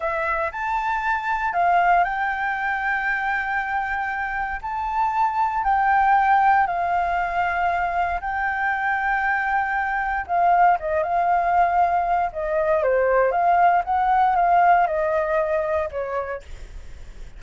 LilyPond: \new Staff \with { instrumentName = "flute" } { \time 4/4 \tempo 4 = 117 e''4 a''2 f''4 | g''1~ | g''4 a''2 g''4~ | g''4 f''2. |
g''1 | f''4 dis''8 f''2~ f''8 | dis''4 c''4 f''4 fis''4 | f''4 dis''2 cis''4 | }